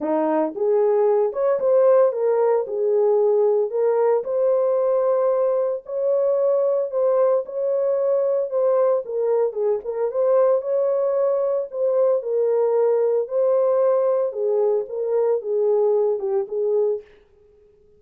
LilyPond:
\new Staff \with { instrumentName = "horn" } { \time 4/4 \tempo 4 = 113 dis'4 gis'4. cis''8 c''4 | ais'4 gis'2 ais'4 | c''2. cis''4~ | cis''4 c''4 cis''2 |
c''4 ais'4 gis'8 ais'8 c''4 | cis''2 c''4 ais'4~ | ais'4 c''2 gis'4 | ais'4 gis'4. g'8 gis'4 | }